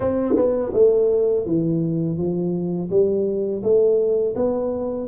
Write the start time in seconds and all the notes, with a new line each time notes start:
0.00 C4
0.36 B3
0.73 A3
1.45 E3
2.17 F3
2.90 G3
3.63 A3
4.35 B3